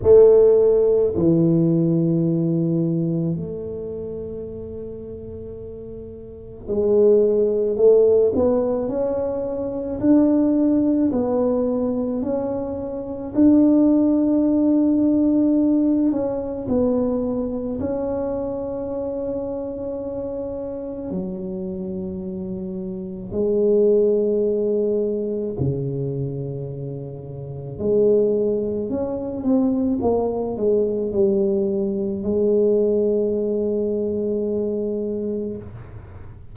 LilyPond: \new Staff \with { instrumentName = "tuba" } { \time 4/4 \tempo 4 = 54 a4 e2 a4~ | a2 gis4 a8 b8 | cis'4 d'4 b4 cis'4 | d'2~ d'8 cis'8 b4 |
cis'2. fis4~ | fis4 gis2 cis4~ | cis4 gis4 cis'8 c'8 ais8 gis8 | g4 gis2. | }